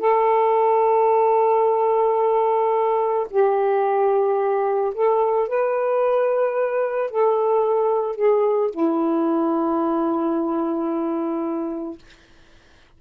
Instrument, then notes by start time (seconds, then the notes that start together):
saxophone
0.00 A4
3.30 G4
4.94 A4
5.48 B4
7.11 A4
8.16 G#4
8.71 E4